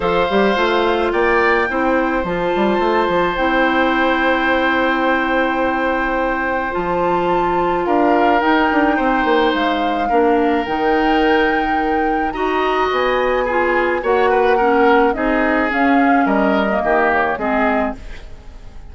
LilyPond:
<<
  \new Staff \with { instrumentName = "flute" } { \time 4/4 \tempo 4 = 107 f''2 g''2 | a''2 g''2~ | g''1 | a''2 f''4 g''4~ |
g''4 f''2 g''4~ | g''2 ais''4 gis''4~ | gis''4 fis''2 dis''4 | f''4 dis''4. cis''8 dis''4 | }
  \new Staff \with { instrumentName = "oboe" } { \time 4/4 c''2 d''4 c''4~ | c''1~ | c''1~ | c''2 ais'2 |
c''2 ais'2~ | ais'2 dis''2 | gis'4 cis''8 b'8 ais'4 gis'4~ | gis'4 ais'4 g'4 gis'4 | }
  \new Staff \with { instrumentName = "clarinet" } { \time 4/4 a'8 g'8 f'2 e'4 | f'2 e'2~ | e'1 | f'2. dis'4~ |
dis'2 d'4 dis'4~ | dis'2 fis'2 | f'4 fis'4 cis'4 dis'4 | cis'4.~ cis'16 ais4~ ais16 c'4 | }
  \new Staff \with { instrumentName = "bassoon" } { \time 4/4 f8 g8 a4 ais4 c'4 | f8 g8 a8 f8 c'2~ | c'1 | f2 d'4 dis'8 d'8 |
c'8 ais8 gis4 ais4 dis4~ | dis2 dis'4 b4~ | b4 ais2 c'4 | cis'4 g4 dis4 gis4 | }
>>